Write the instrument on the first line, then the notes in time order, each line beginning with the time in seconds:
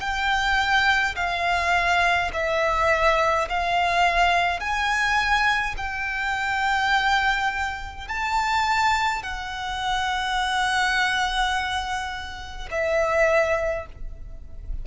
violin
0.00 G5
1.15 F5
2.33 E5
3.49 F5
4.60 G#5
5.77 G5
8.08 A5
9.23 F#5
12.71 E5